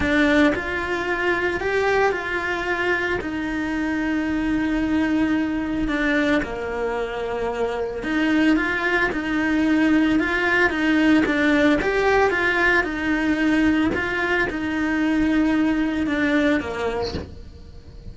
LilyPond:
\new Staff \with { instrumentName = "cello" } { \time 4/4 \tempo 4 = 112 d'4 f'2 g'4 | f'2 dis'2~ | dis'2. d'4 | ais2. dis'4 |
f'4 dis'2 f'4 | dis'4 d'4 g'4 f'4 | dis'2 f'4 dis'4~ | dis'2 d'4 ais4 | }